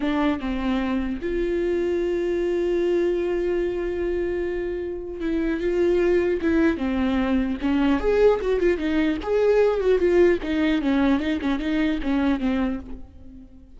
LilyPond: \new Staff \with { instrumentName = "viola" } { \time 4/4 \tempo 4 = 150 d'4 c'2 f'4~ | f'1~ | f'1~ | f'4 e'4 f'2 |
e'4 c'2 cis'4 | gis'4 fis'8 f'8 dis'4 gis'4~ | gis'8 fis'8 f'4 dis'4 cis'4 | dis'8 cis'8 dis'4 cis'4 c'4 | }